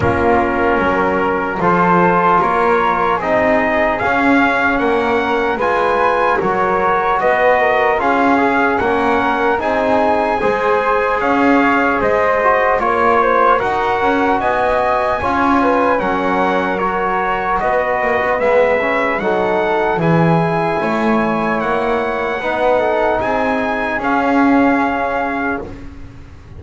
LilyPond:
<<
  \new Staff \with { instrumentName = "trumpet" } { \time 4/4 \tempo 4 = 75 ais'2 c''4 cis''4 | dis''4 f''4 fis''4 gis''4 | cis''4 dis''4 f''4 fis''4 | gis''2 f''4 dis''4 |
cis''4 fis''4 gis''2 | fis''4 cis''4 dis''4 e''4 | fis''4 gis''2 fis''4~ | fis''4 gis''4 f''2 | }
  \new Staff \with { instrumentName = "flute" } { \time 4/4 f'4 ais'4 a'4 ais'4 | gis'2 ais'4 b'4 | ais'4 b'8 ais'8 gis'4 ais'4 | gis'4 c''4 cis''4 c''4 |
cis''8 c''8 ais'4 dis''4 cis''8 b'8 | ais'2 b'2 | a'4 gis'4 cis''2 | b'8 a'8 gis'2. | }
  \new Staff \with { instrumentName = "trombone" } { \time 4/4 cis'2 f'2 | dis'4 cis'2 f'4 | fis'2 f'8 gis'8 cis'4 | dis'4 gis'2~ gis'8 fis'8 |
f'4 fis'2 f'4 | cis'4 fis'2 b8 cis'8 | dis'4 e'2. | dis'2 cis'2 | }
  \new Staff \with { instrumentName = "double bass" } { \time 4/4 ais4 fis4 f4 ais4 | c'4 cis'4 ais4 gis4 | fis4 b4 cis'4 ais4 | c'4 gis4 cis'4 gis4 |
ais4 dis'8 cis'8 b4 cis'4 | fis2 b8 ais16 b16 gis4 | fis4 e4 a4 ais4 | b4 c'4 cis'2 | }
>>